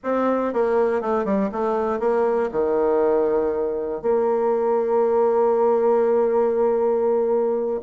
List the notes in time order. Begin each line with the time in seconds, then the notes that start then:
0.03 C4
0.53 A#3
1.01 A3
1.24 G3
1.51 A3
1.99 A#3
2.51 D#3
4.02 A#3